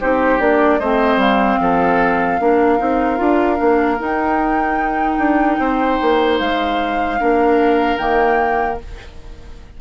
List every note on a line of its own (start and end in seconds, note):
0.00 0.40 C4
0.00 0.40 D#4
0.00 0.80 G4
0.00 0.40 C5
0.40 0.80 A#3
0.40 0.80 D4
0.40 0.80 D5
0.80 1.17 A3
0.80 2.41 C4
0.80 1.60 C5
0.80 1.20 D#5
1.17 1.57 G3
1.17 4.01 F5
1.61 2.40 F3
1.61 2.41 A4
2.40 2.80 A#3
2.40 2.79 D4
2.40 5.60 A#4
2.79 3.20 C4
2.79 3.17 D#4
3.17 3.60 D4
3.17 3.57 F4
3.57 4.00 A#3
3.57 3.97 D4
4.00 7.20 D#4
4.00 5.19 D#4
4.00 6.39 G5
5.19 5.58 D4
5.59 5.99 C4
5.59 7.20 C5
6.02 6.40 A#3
6.39 7.20 G#3
6.39 7.98 F5
7.20 7.98 A#3
7.20 7.99 D4
7.20 8.81 A#4
7.98 8.78 D#3
7.98 8.79 A#3
7.98 8.78 G5